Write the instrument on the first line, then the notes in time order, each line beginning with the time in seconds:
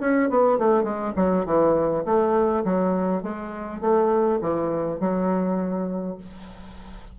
bassoon
0.00 C#4
0.29 B3
0.58 A3
0.83 G#3
1.16 F#3
1.45 E3
2.05 A3
2.64 F#3
3.22 G#3
3.80 A3
4.41 E3
5.00 F#3